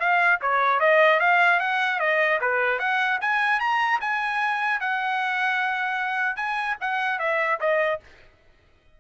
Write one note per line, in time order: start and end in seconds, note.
0.00 0.40 F5
0.42 0.80 C#5
0.80 1.20 D#5
1.20 1.60 F5
1.60 2.00 F#5
2.00 2.40 D#5
2.41 2.80 B4
2.80 3.20 F#5
3.22 3.60 G#5
3.60 4.00 A#5
4.01 4.81 G#5
4.81 6.37 F#5
6.37 6.77 G#5
6.81 7.19 F#5
7.19 7.59 E5
7.61 8.01 D#5